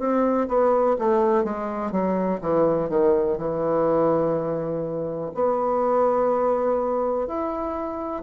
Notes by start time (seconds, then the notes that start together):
0.00 C4
0.48 B3
0.99 A3
1.44 G#3
1.92 F#3
2.42 E3
2.90 D#3
3.38 E3
5.35 B3
7.28 E4